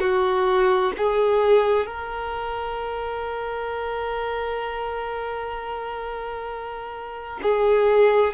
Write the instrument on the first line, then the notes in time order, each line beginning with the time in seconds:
violin
0.00 F#4
0.97 G#4
1.86 A#4
7.42 G#4